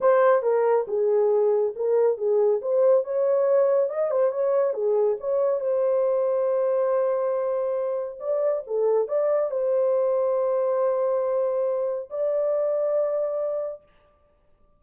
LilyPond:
\new Staff \with { instrumentName = "horn" } { \time 4/4 \tempo 4 = 139 c''4 ais'4 gis'2 | ais'4 gis'4 c''4 cis''4~ | cis''4 dis''8 c''8 cis''4 gis'4 | cis''4 c''2.~ |
c''2. d''4 | a'4 d''4 c''2~ | c''1 | d''1 | }